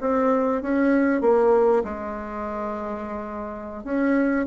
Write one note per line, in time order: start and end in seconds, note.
0.00 0.62 C4
0.62 1.21 C#4
1.21 1.83 A#3
1.84 3.84 G#3
3.84 4.46 C#4